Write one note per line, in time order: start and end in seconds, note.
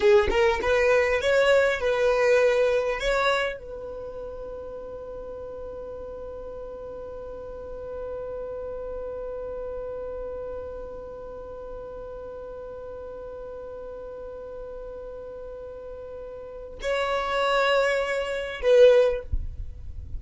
0.00 0.28 G#4
0.30 0.60 A#4
0.62 1.21 B4
1.21 1.80 C#5
1.80 2.99 B4
2.99 3.58 C#5
3.58 16.78 B4
16.81 18.61 C#5
18.62 19.22 B4